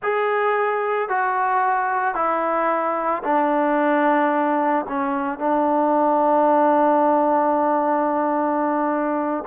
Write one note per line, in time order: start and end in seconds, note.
0.02 1.09 G#4
1.09 2.14 F#4
2.14 3.22 E4
3.23 4.85 D4
4.88 5.39 C#4
5.39 9.44 D4